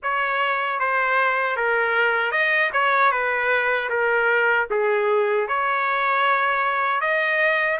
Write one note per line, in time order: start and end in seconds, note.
0.02 0.79 C#5
0.79 1.56 C5
1.56 2.31 A#4
2.31 2.70 D#5
2.73 3.11 C#5
3.11 3.89 B4
3.89 4.67 A#4
4.70 5.48 G#4
5.48 7.00 C#5
7.00 7.78 D#5